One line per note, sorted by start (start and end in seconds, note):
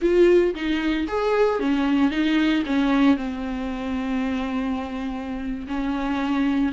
0.01 0.54 F4
0.54 1.07 D#4
1.07 1.59 G#4
1.59 2.10 C#4
2.10 2.63 D#4
2.66 3.17 C#4
3.17 5.67 C4
5.67 6.72 C#4